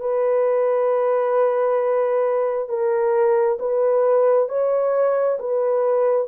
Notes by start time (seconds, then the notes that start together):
0.00 B4
2.69 A#4
3.59 B4
4.49 C#5
5.39 B4